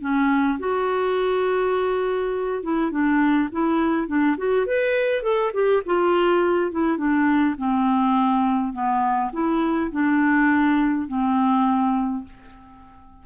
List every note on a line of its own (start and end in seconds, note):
0.00 0.58 C#4
0.59 2.63 F#4
2.63 2.90 E4
2.90 3.49 D4
3.51 4.07 E4
4.07 4.36 D4
4.37 4.66 F#4
4.66 5.22 B4
5.22 5.51 A4
5.53 5.82 G4
5.85 6.71 F4
6.71 6.97 E4
6.97 7.55 D4
7.57 8.72 C4
8.72 9.31 B3
9.32 9.90 E4
9.91 11.07 D4
11.07 12.24 C4